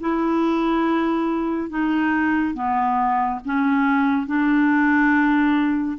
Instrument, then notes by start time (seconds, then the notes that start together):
clarinet
0.00 E4
1.69 D#4
2.54 B3
3.44 C#4
4.26 D4